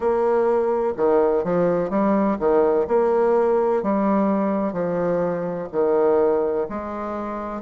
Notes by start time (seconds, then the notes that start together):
0.00 A#3
0.97 D#3
1.43 F3
1.90 G3
2.39 D#3
2.87 A#3
3.83 G3
4.72 F3
5.71 D#3
6.69 G#3